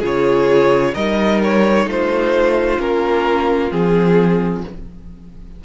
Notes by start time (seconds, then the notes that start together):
0.00 C#3 F4 G#4 C#5
0.94 G3 D#4 A#4 D#5
1.44 C#5
1.86 A3 F4 C5
2.79 A#3 C#4 A#4
3.71 F3 C4 G#4